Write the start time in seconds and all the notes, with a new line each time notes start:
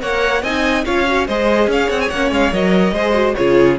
0.00 A#3 A#4 C#5 F#5
0.43 C4 D#4 D#5 G#5
0.86 C#4 F4 C#5 F5
1.08 F#4
1.28 G#3 G#4 C5 D#5
1.68 C#4 C#5 F5
1.90 C4 F#5
2.01 G#5
2.10 A#3 C#4 F#5
2.31 G#3 F5
2.53 F#3 A#4 D#5
2.93 G#3 G#4 C5
3.14 F#4
3.35 C#3 F4 G#4 C#5